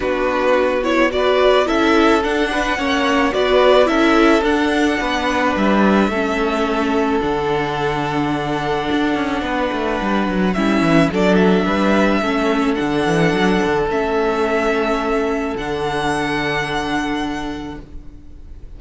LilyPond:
<<
  \new Staff \with { instrumentName = "violin" } { \time 4/4 \tempo 4 = 108 b'4. cis''8 d''4 e''4 | fis''2 d''4 e''4 | fis''2 e''2~ | e''4 fis''2.~ |
fis''2. e''4 | d''8 e''2~ e''8 fis''4~ | fis''4 e''2. | fis''1 | }
  \new Staff \with { instrumentName = "violin" } { \time 4/4 fis'2 b'4 a'4~ | a'8 b'8 cis''4 b'4 a'4~ | a'4 b'2 a'4~ | a'1~ |
a'4 b'2 e'4 | a'4 b'4 a'2~ | a'1~ | a'1 | }
  \new Staff \with { instrumentName = "viola" } { \time 4/4 d'4. e'8 fis'4 e'4 | d'4 cis'4 fis'4 e'4 | d'2. cis'4~ | cis'4 d'2.~ |
d'2. cis'4 | d'2 cis'4 d'4~ | d'4 cis'2. | d'1 | }
  \new Staff \with { instrumentName = "cello" } { \time 4/4 b2. cis'4 | d'4 ais4 b4 cis'4 | d'4 b4 g4 a4~ | a4 d2. |
d'8 cis'8 b8 a8 g8 fis8 g8 e8 | fis4 g4 a4 d8 e8 | fis8 d8 a2. | d1 | }
>>